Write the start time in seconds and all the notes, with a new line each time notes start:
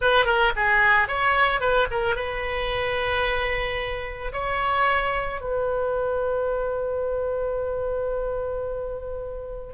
0.01 B4
0.25 A#4
0.56 G#4
1.07 C#5
1.60 B4
1.90 A#4
2.15 B4
4.32 C#5
5.40 B4